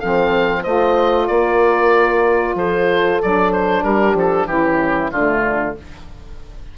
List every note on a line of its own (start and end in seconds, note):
0.00 0.66 F3
0.00 0.65 C4
0.00 0.61 A4
0.00 0.64 F5
0.61 1.29 A3
0.61 3.21 F4
0.61 1.25 C5
0.61 1.28 D#5
1.28 2.55 A#3
1.28 2.57 A#4
1.28 2.55 D5
2.55 3.19 F3
2.55 3.84 A4
2.55 3.22 C5
3.23 3.84 F#3
3.23 4.49 D4
3.23 3.53 D5
3.53 3.84 C5
3.84 4.15 G3
3.84 4.48 G4
3.84 4.16 A#4
4.15 4.46 F3
4.15 4.47 A4
4.46 5.10 E3
4.46 5.13 C#4
4.46 5.13 E4
4.46 5.11 G4
5.12 5.76 D3
5.12 5.78 A3
5.12 5.77 D4
5.12 5.76 F4